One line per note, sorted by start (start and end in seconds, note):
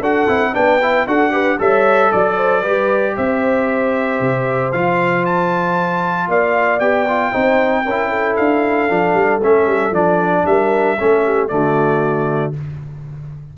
0.00 0.26 D4
0.00 0.28 F#4
0.00 0.53 A4
0.00 0.55 F#5
0.28 0.55 C4
0.28 0.54 E4
0.54 1.07 B3
0.54 0.80 D4
0.54 1.07 B4
0.54 1.07 G5
0.82 1.08 E4
1.07 1.59 D4
1.07 1.32 F#4
1.07 1.33 A4
1.07 1.60 F#5
1.32 1.58 G4
1.32 1.59 B4
1.59 2.12 G3
1.59 2.64 A4
1.59 2.12 C#5
1.59 2.12 E5
2.12 2.65 F#3
2.12 3.16 D5
2.12 2.37 D5
2.37 2.62 C5
2.62 3.17 G3
2.62 4.73 G4
2.62 3.14 B4
3.17 4.21 C4
3.17 6.29 C5
3.17 4.73 E5
4.21 4.73 C3
4.73 6.28 F3
4.73 6.81 F4
4.73 5.25 F5
5.26 6.30 A5
6.28 6.81 A#3
6.28 7.33 D5
6.28 6.80 F5
6.80 7.33 B3
6.80 7.07 G4
6.80 8.36 G5
7.09 7.32 F4
7.32 7.86 C4
7.32 7.85 D#4
7.32 7.85 C5
7.85 8.38 C#4
7.85 8.89 E4
7.85 8.09 A#4
8.09 10.44 A4
8.36 8.91 D4
8.36 9.41 F5
8.89 9.14 F3
8.89 9.41 D4
9.14 9.40 G3
9.43 9.67 A3
9.43 9.93 C#4
9.43 9.95 E5
9.67 9.91 G3
9.91 10.43 F3
9.91 10.97 D4
9.91 10.47 D5
10.47 10.99 G3
10.47 10.99 A#4
10.47 11.49 E5
10.99 11.51 A3
10.99 11.49 C#4
10.99 11.25 A4
11.25 11.51 G4
11.49 12.56 D3
11.49 12.54 A3
11.49 12.58 F#4
11.49 12.53 D5